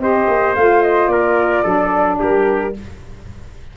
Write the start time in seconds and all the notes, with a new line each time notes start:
0.00 C4 G4 C5 D#5
0.28 A#3
0.55 A3 F4 F5
0.83 D#5
1.08 A#3 A#4 D5
1.63 F#3 D4 A4
2.20 G3 G4 A#4